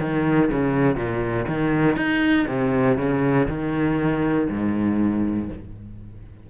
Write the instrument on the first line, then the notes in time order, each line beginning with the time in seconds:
cello
0.00 D#3
0.51 C#3
0.96 A#2
1.48 D#3
1.96 D#4
2.48 C3
2.98 C#3
3.49 D#3
4.49 G#2